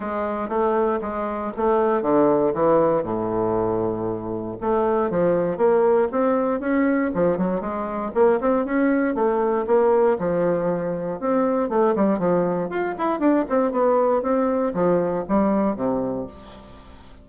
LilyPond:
\new Staff \with { instrumentName = "bassoon" } { \time 4/4 \tempo 4 = 118 gis4 a4 gis4 a4 | d4 e4 a,2~ | a,4 a4 f4 ais4 | c'4 cis'4 f8 fis8 gis4 |
ais8 c'8 cis'4 a4 ais4 | f2 c'4 a8 g8 | f4 f'8 e'8 d'8 c'8 b4 | c'4 f4 g4 c4 | }